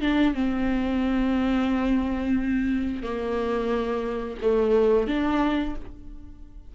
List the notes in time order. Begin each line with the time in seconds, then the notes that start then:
0.00 D4
0.34 C4
3.02 A#3
4.41 A3
5.07 D4